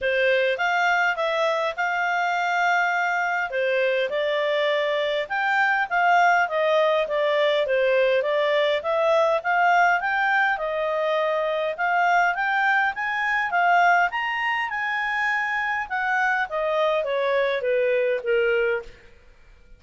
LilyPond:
\new Staff \with { instrumentName = "clarinet" } { \time 4/4 \tempo 4 = 102 c''4 f''4 e''4 f''4~ | f''2 c''4 d''4~ | d''4 g''4 f''4 dis''4 | d''4 c''4 d''4 e''4 |
f''4 g''4 dis''2 | f''4 g''4 gis''4 f''4 | ais''4 gis''2 fis''4 | dis''4 cis''4 b'4 ais'4 | }